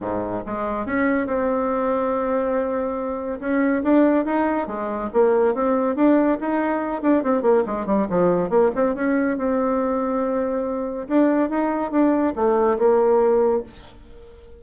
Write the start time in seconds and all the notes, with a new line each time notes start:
0.00 G#2
0.46 G#3
0.85 C#4
1.26 C4
3.40 C#4
3.83 D4
4.25 D#4
4.67 G#3
5.13 A#3
5.54 C4
5.95 D4
6.40 D#4
7.02 D4
7.23 C4
7.42 A#3
7.65 G#3
7.85 G3
8.09 F3
8.49 A#3
8.75 C4
8.95 C#4
9.37 C4
11.08 D4
11.49 D#4
11.91 D4
12.35 A3
12.78 A#3